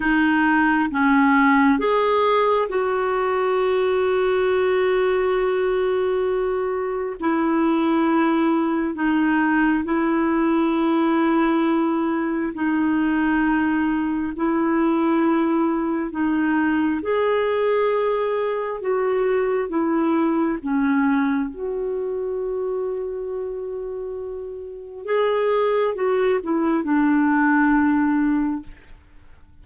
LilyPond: \new Staff \with { instrumentName = "clarinet" } { \time 4/4 \tempo 4 = 67 dis'4 cis'4 gis'4 fis'4~ | fis'1 | e'2 dis'4 e'4~ | e'2 dis'2 |
e'2 dis'4 gis'4~ | gis'4 fis'4 e'4 cis'4 | fis'1 | gis'4 fis'8 e'8 d'2 | }